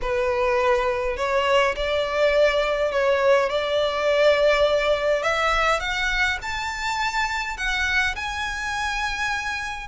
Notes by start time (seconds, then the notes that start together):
0.01 B4
1.17 C#5
1.76 D5
2.91 C#5
3.49 D5
5.22 E5
5.80 F#5
6.42 A5
7.57 F#5
8.15 G#5